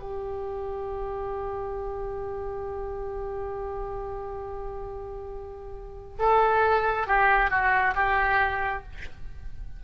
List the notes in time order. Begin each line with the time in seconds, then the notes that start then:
0.00 G4
6.19 A4
7.07 G4
7.50 F#4
7.95 G4